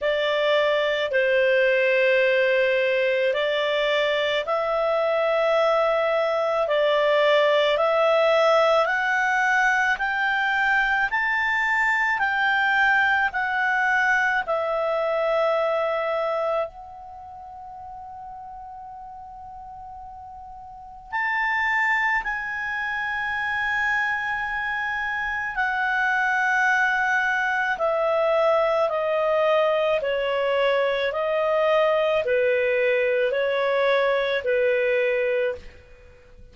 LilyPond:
\new Staff \with { instrumentName = "clarinet" } { \time 4/4 \tempo 4 = 54 d''4 c''2 d''4 | e''2 d''4 e''4 | fis''4 g''4 a''4 g''4 | fis''4 e''2 fis''4~ |
fis''2. a''4 | gis''2. fis''4~ | fis''4 e''4 dis''4 cis''4 | dis''4 b'4 cis''4 b'4 | }